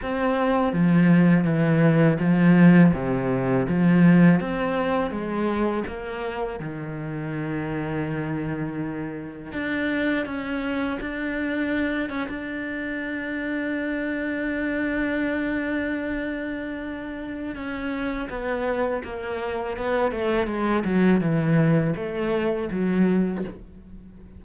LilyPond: \new Staff \with { instrumentName = "cello" } { \time 4/4 \tempo 4 = 82 c'4 f4 e4 f4 | c4 f4 c'4 gis4 | ais4 dis2.~ | dis4 d'4 cis'4 d'4~ |
d'8 cis'16 d'2.~ d'16~ | d'1 | cis'4 b4 ais4 b8 a8 | gis8 fis8 e4 a4 fis4 | }